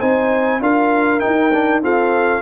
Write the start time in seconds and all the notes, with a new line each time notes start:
0.00 C4 D#4 C5 G#5
0.61 D4 F4 A#4 F5
1.20 D#4 G5
1.27 D#4
1.53 D4
1.83 C4 F4 A4 F5